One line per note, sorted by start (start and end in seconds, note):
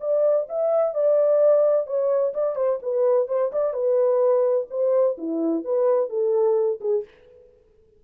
0.00 0.47 D5
0.49 0.94 E5
0.94 1.86 D5
1.86 2.33 C#5
2.34 2.55 D5
2.55 2.79 C5
2.82 3.28 B4
3.28 3.51 C5
3.52 3.73 D5
3.73 4.67 B4
4.70 5.17 C5
5.18 5.64 E4
5.64 6.09 B4
6.09 6.80 A4
6.81 7.04 G#4